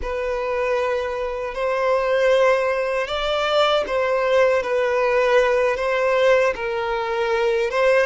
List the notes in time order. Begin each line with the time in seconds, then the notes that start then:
0.02 B4
1.54 C5
3.07 D5
3.87 C5
4.62 B4
5.76 C5
6.55 A#4
7.70 C5